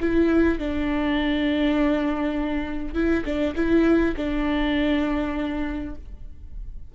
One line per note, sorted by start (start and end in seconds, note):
0.00 0.58 E4
0.58 2.94 D4
2.94 3.24 E4
3.25 3.54 D4
3.55 4.15 E4
4.17 5.95 D4